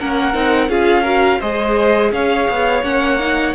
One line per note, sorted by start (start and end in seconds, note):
0.00 0.35 A#3
0.00 0.34 C#4
0.00 0.70 A#4
0.00 0.70 F#5
0.34 0.69 C4
0.34 0.69 D#4
0.69 1.40 C#4
0.69 1.05 F4
0.69 1.03 G#4
0.69 1.41 F5
1.03 1.41 F#4
1.03 1.39 A#4
1.40 2.12 G#3
1.40 2.84 G#4
1.40 2.12 C5
1.40 2.12 D#5
2.12 2.48 C#4
2.12 3.55 C#5
2.12 2.84 F5
2.50 2.83 B3
2.83 3.55 A#3
2.83 3.20 C#4
2.83 3.55 F#5
3.20 3.55 D#4